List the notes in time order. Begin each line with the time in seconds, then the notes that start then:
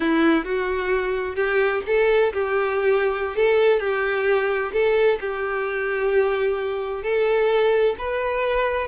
0.00 E4
0.44 F#4
1.35 G4
1.86 A4
2.33 G4
3.36 A4
3.79 G4
4.72 A4
5.20 G4
7.03 A4
7.98 B4